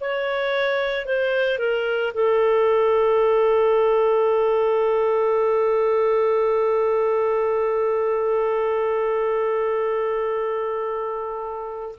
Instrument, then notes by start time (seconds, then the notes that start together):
clarinet
0.00 C#5
1.06 C5
1.58 A#4
2.13 A4